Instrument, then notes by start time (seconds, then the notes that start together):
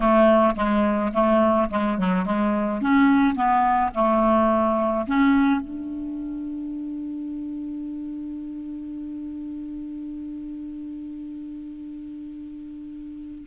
clarinet
0.00 A3
0.56 G#3
1.13 A3
1.70 G#3
1.98 F#3
2.25 G#3
2.81 C#4
3.35 B3
3.94 A3
5.07 C#4
5.60 D4